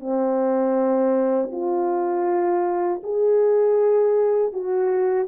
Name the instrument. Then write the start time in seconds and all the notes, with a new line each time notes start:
horn
0.00 C4
1.51 F4
3.03 G#4
4.53 F#4